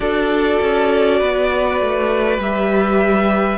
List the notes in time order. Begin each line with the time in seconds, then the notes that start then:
0.00 D4 F#4 A4 D5
0.61 C#4
1.19 B3 B4
1.80 A3
2.38 G3 G4 E5